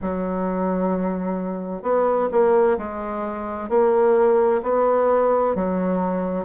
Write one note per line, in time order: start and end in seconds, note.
0.01 1.82 F#3
1.82 2.28 B3
2.31 2.77 A#3
2.77 3.69 G#3
3.69 4.61 A#3
4.62 5.55 B3
5.55 6.45 F#3